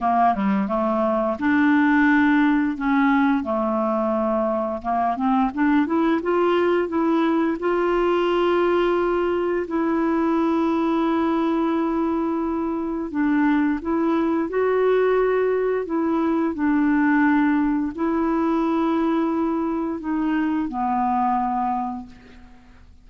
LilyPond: \new Staff \with { instrumentName = "clarinet" } { \time 4/4 \tempo 4 = 87 ais8 g8 a4 d'2 | cis'4 a2 ais8 c'8 | d'8 e'8 f'4 e'4 f'4~ | f'2 e'2~ |
e'2. d'4 | e'4 fis'2 e'4 | d'2 e'2~ | e'4 dis'4 b2 | }